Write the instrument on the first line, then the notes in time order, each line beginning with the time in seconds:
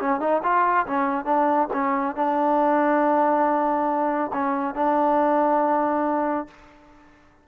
trombone
0.00 C#4
0.20 D#4
0.43 F4
0.86 C#4
1.25 D4
1.73 C#4
2.15 D4
4.33 C#4
4.75 D4